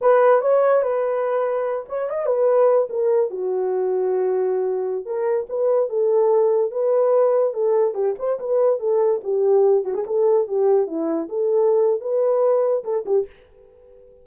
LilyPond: \new Staff \with { instrumentName = "horn" } { \time 4/4 \tempo 4 = 145 b'4 cis''4 b'2~ | b'8 cis''8 dis''8 b'4. ais'4 | fis'1~ | fis'16 ais'4 b'4 a'4.~ a'16~ |
a'16 b'2 a'4 g'8 c''16~ | c''16 b'4 a'4 g'4. fis'16 | gis'16 a'4 g'4 e'4 a'8.~ | a'4 b'2 a'8 g'8 | }